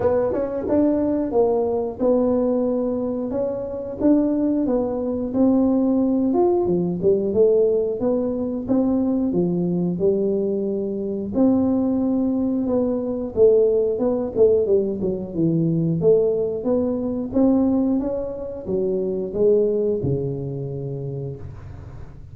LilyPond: \new Staff \with { instrumentName = "tuba" } { \time 4/4 \tempo 4 = 90 b8 cis'8 d'4 ais4 b4~ | b4 cis'4 d'4 b4 | c'4. f'8 f8 g8 a4 | b4 c'4 f4 g4~ |
g4 c'2 b4 | a4 b8 a8 g8 fis8 e4 | a4 b4 c'4 cis'4 | fis4 gis4 cis2 | }